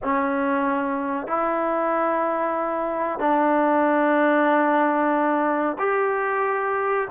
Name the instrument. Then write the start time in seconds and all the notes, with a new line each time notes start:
trombone
0.03 C#4
1.27 E4
3.19 D4
5.79 G4